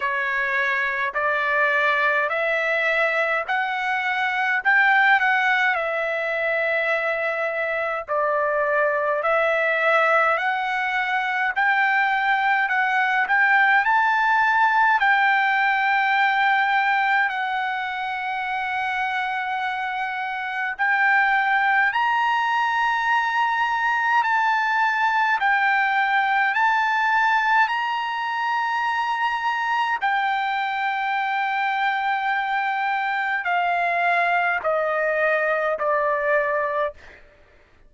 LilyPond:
\new Staff \with { instrumentName = "trumpet" } { \time 4/4 \tempo 4 = 52 cis''4 d''4 e''4 fis''4 | g''8 fis''8 e''2 d''4 | e''4 fis''4 g''4 fis''8 g''8 | a''4 g''2 fis''4~ |
fis''2 g''4 ais''4~ | ais''4 a''4 g''4 a''4 | ais''2 g''2~ | g''4 f''4 dis''4 d''4 | }